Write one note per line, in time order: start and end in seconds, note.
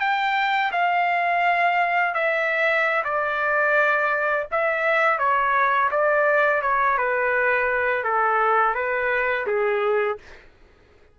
0.00 0.71 G5
0.72 2.14 F5
2.14 3.04 E5
3.04 4.47 D5
4.52 5.19 E5
5.19 5.90 C#5
5.91 6.62 D5
6.62 6.98 C#5
6.98 8.04 B4
8.04 8.75 A4
8.75 9.46 B4
9.47 10.18 G#4